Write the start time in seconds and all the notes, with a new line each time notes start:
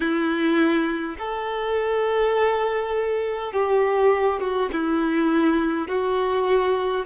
0.00 E4
1.18 A4
3.52 G4
4.40 F#4
4.72 E4
5.88 F#4